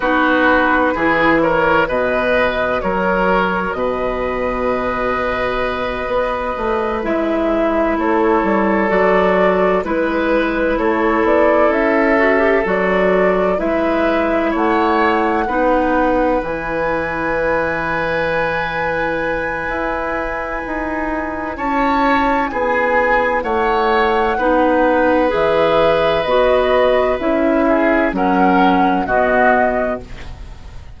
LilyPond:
<<
  \new Staff \with { instrumentName = "flute" } { \time 4/4 \tempo 4 = 64 b'4. cis''8 dis''4 cis''4 | dis''2.~ dis''8 e''8~ | e''8 cis''4 d''4 b'4 cis''8 | d''8 e''4 d''4 e''4 fis''8~ |
fis''4. gis''2~ gis''8~ | gis''2. a''4 | gis''4 fis''2 e''4 | dis''4 e''4 fis''4 dis''4 | }
  \new Staff \with { instrumentName = "oboe" } { \time 4/4 fis'4 gis'8 ais'8 b'4 ais'4 | b'1~ | b'8 a'2 b'4 a'8~ | a'2~ a'8 b'4 cis''8~ |
cis''8 b'2.~ b'8~ | b'2. cis''4 | gis'4 cis''4 b'2~ | b'4. gis'8 ais'4 fis'4 | }
  \new Staff \with { instrumentName = "clarinet" } { \time 4/4 dis'4 e'4 fis'2~ | fis'2.~ fis'8 e'8~ | e'4. fis'4 e'4.~ | e'4 fis'16 g'16 fis'4 e'4.~ |
e'8 dis'4 e'2~ e'8~ | e'1~ | e'2 dis'4 gis'4 | fis'4 e'4 cis'4 b4 | }
  \new Staff \with { instrumentName = "bassoon" } { \time 4/4 b4 e4 b,4 fis4 | b,2~ b,8 b8 a8 gis8~ | gis8 a8 g8 fis4 gis4 a8 | b8 cis'4 fis4 gis4 a8~ |
a8 b4 e2~ e8~ | e4 e'4 dis'4 cis'4 | b4 a4 b4 e4 | b4 cis'4 fis4 b,4 | }
>>